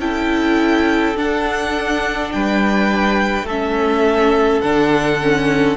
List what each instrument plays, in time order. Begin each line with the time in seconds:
0.00 cello C#4, viola E4, violin A4 G5
1.16 viola D4, cello D4, violin F#5
2.32 cello G3, violin B4 G5
3.44 cello A3, violin A4 E5
3.51 viola C#4
4.62 cello D3, viola D4, violin F#5
5.22 viola C#4